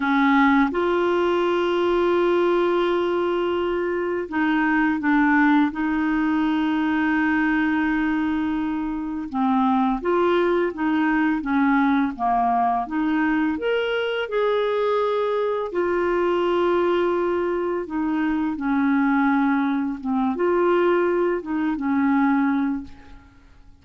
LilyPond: \new Staff \with { instrumentName = "clarinet" } { \time 4/4 \tempo 4 = 84 cis'4 f'2.~ | f'2 dis'4 d'4 | dis'1~ | dis'4 c'4 f'4 dis'4 |
cis'4 ais4 dis'4 ais'4 | gis'2 f'2~ | f'4 dis'4 cis'2 | c'8 f'4. dis'8 cis'4. | }